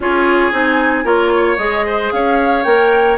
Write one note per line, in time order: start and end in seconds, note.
0.00 0.51 C#4
0.00 0.51 F4
0.00 1.04 G#4
0.00 0.54 C#5
0.51 1.04 C4
0.51 1.04 D#4
0.51 1.06 G#5
1.04 1.57 A#3
1.04 1.57 F4
1.04 1.31 A#4
1.04 1.57 C#5
1.36 1.86 C#5
1.57 2.11 G#3
1.57 2.64 G#4
1.57 2.10 D#5
1.86 2.12 C5
2.11 2.65 C#4
2.11 3.17 C#5
2.11 2.63 F5
2.63 3.17 A#3
2.63 3.17 A#4
2.63 3.16 G5